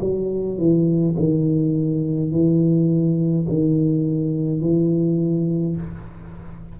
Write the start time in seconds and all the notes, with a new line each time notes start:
0.00 F#3
0.58 E3
1.19 D#3
2.31 E3
3.48 D#3
4.61 E3